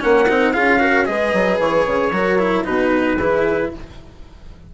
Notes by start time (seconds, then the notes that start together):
0.00 A#3 C#4 A#4 F#5
0.29 C4 D#4
0.53 C#4 F4 G#4 F5
0.80 F#4 A#4
1.05 G#3 G#4 B4 D#5
1.33 F#3
1.59 E3 C#5
1.87 C#3
2.12 F#3 F#4 A#4
2.39 E4
2.64 B2 D#4 F#4 B4
3.17 E3 E4 G#4